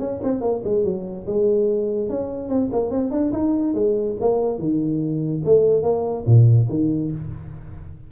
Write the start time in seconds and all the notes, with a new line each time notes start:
0.00 C#4
0.24 C4
0.41 A#3
0.65 G#3
0.85 F#3
1.27 G#3
2.10 C#4
2.49 C4
2.73 A#3
2.91 C4
3.12 D4
3.33 D#4
3.75 G#3
4.21 A#3
4.59 D#3
5.46 A3
5.83 A#3
6.27 A#2
6.70 D#3